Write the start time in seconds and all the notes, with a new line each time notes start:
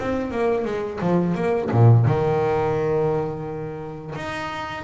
0.00 C4
0.32 A#3
0.65 G#3
1.01 F3
1.35 A#3
1.72 A#2
2.06 D#3
4.16 D#4